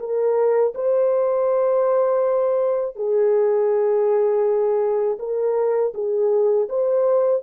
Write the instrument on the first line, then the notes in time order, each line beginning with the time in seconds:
horn
0.00 A#4
0.75 C5
2.97 G#4
5.20 A#4
5.95 G#4
6.69 C5